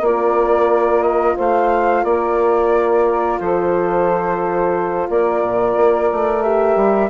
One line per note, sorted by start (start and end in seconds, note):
0.00 1.35 A#3
0.00 6.43 F4
0.00 1.36 A#4
0.00 1.02 D5
1.02 1.36 D#5
1.36 2.04 A3
1.36 2.04 C5
1.36 2.04 F5
2.04 3.39 A#3
2.04 3.40 A#4
2.04 3.39 D5
3.40 5.08 F3
3.40 5.09 A4
3.40 5.08 C5
5.09 5.42 A#3
5.09 7.10 A#4
5.09 6.42 D5
5.42 5.76 A#2
5.76 6.10 A#3
6.12 6.76 A3
6.42 7.10 G4
6.42 7.10 E5
6.76 7.10 G3